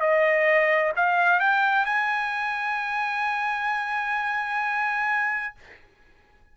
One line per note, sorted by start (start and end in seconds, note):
0.00 0.92 D#5
0.96 1.40 F5
1.40 1.85 G5
1.85 5.55 G#5